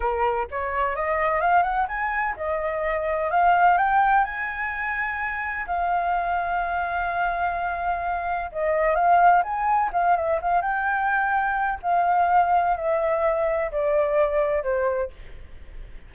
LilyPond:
\new Staff \with { instrumentName = "flute" } { \time 4/4 \tempo 4 = 127 ais'4 cis''4 dis''4 f''8 fis''8 | gis''4 dis''2 f''4 | g''4 gis''2. | f''1~ |
f''2 dis''4 f''4 | gis''4 f''8 e''8 f''8 g''4.~ | g''4 f''2 e''4~ | e''4 d''2 c''4 | }